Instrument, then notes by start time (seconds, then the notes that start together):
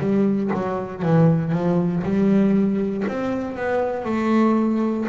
double bass
0.00 G3
0.54 F#3
1.02 E3
1.52 F3
2.03 G3
3.08 C4
3.56 B3
4.04 A3